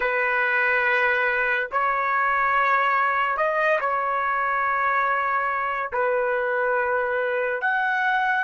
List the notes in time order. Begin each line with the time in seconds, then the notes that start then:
0.00 B4
1.71 C#5
3.36 D#5
3.80 C#5
5.92 B4
7.61 F#5